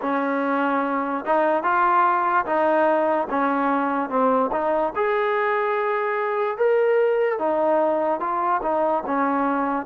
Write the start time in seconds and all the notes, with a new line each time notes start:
0.01 C#4
1.25 D#4
1.63 F4
2.45 D#4
3.30 C#4
4.09 C4
4.52 D#4
4.95 G#4
6.58 A#4
7.38 D#4
8.20 F4
8.62 D#4
9.06 C#4